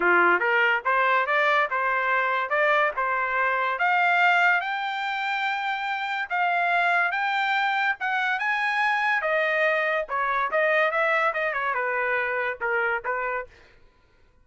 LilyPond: \new Staff \with { instrumentName = "trumpet" } { \time 4/4 \tempo 4 = 143 f'4 ais'4 c''4 d''4 | c''2 d''4 c''4~ | c''4 f''2 g''4~ | g''2. f''4~ |
f''4 g''2 fis''4 | gis''2 dis''2 | cis''4 dis''4 e''4 dis''8 cis''8 | b'2 ais'4 b'4 | }